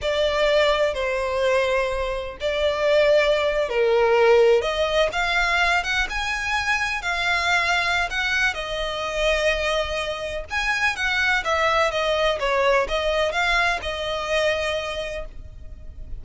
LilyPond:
\new Staff \with { instrumentName = "violin" } { \time 4/4 \tempo 4 = 126 d''2 c''2~ | c''4 d''2~ d''8. ais'16~ | ais'4.~ ais'16 dis''4 f''4~ f''16~ | f''16 fis''8 gis''2 f''4~ f''16~ |
f''4 fis''4 dis''2~ | dis''2 gis''4 fis''4 | e''4 dis''4 cis''4 dis''4 | f''4 dis''2. | }